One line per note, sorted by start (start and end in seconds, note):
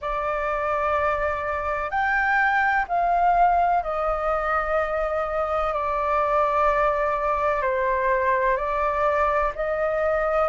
0.01 1.90 D5
1.90 2.85 G5
2.87 3.83 F5
3.83 5.73 D#5
5.73 7.62 D5
7.62 8.56 C5
8.56 9.52 D5
9.55 10.48 D#5